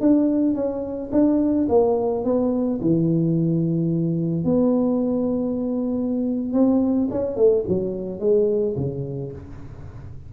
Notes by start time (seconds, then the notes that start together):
0.00 D4
0.55 C#4
1.12 D4
1.69 A#3
2.24 B3
2.81 E3
4.44 B3
6.53 C4
7.10 C#4
7.36 A3
7.67 F#3
8.19 G#3
8.76 C#3